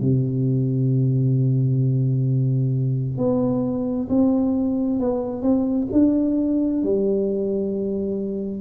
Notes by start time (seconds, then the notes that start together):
0.00 C3
3.17 B3
4.09 C4
4.99 B3
5.42 C4
5.92 D4
6.83 G3